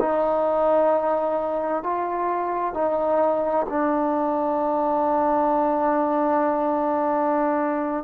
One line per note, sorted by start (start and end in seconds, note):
0.00 1.83 D#4
1.83 2.74 F4
2.74 3.66 D#4
3.69 8.04 D4